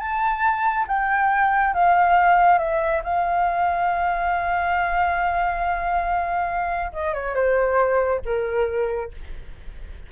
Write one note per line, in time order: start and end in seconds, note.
0.00 0.86 A5
0.88 1.74 G5
1.74 2.59 F5
2.59 3.02 E5
3.04 6.92 F5
6.93 7.14 D#5
7.14 7.35 C#5
7.35 8.21 C5
8.26 9.12 A#4